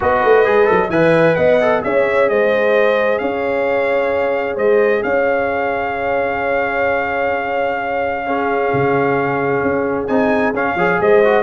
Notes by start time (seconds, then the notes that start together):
0.00 B3 F#4 B4 D#5
0.23 A3
0.44 G#3 G#4
0.65 F#3 A4
0.89 E3 B4 E5 G#5
1.35 B3 D#5 F#5
1.61 A4
1.83 C#4 G#4 C#5 E5
2.29 G#3 C5 D#5
3.18 C#4 C#5 F5
4.55 G#3 C5 D#5
5.02 C#4 C#5 F5
8.26 C#4 G#4
8.73 C#3
9.62 C#4
10.07 C4 D#4 G#5
10.53 C#4 F5
10.73 F3 G#4 C#5
11.00 G#3 C5 D#5
11.24 F#4